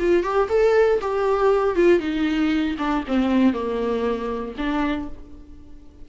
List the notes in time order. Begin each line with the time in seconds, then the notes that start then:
0.00 F4
0.23 G4
0.49 A4
1.01 G4
1.76 F4
2.00 D#4
2.79 D4
3.08 C4
3.53 A#3
4.58 D4